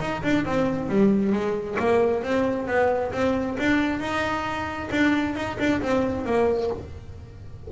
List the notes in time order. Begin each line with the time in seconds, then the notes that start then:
0.00 D#4
0.23 D4
0.45 C4
0.89 G3
1.32 G#3
1.79 A#3
2.23 C4
2.67 B3
3.12 C4
3.59 D4
4.00 D#4
4.91 D4
5.35 D#4
5.59 D4
5.82 C4
6.26 A#3